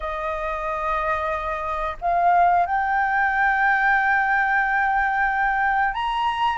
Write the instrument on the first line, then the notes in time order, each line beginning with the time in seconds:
flute
0.00 D#5
2.01 F5
2.66 G5
5.93 A#5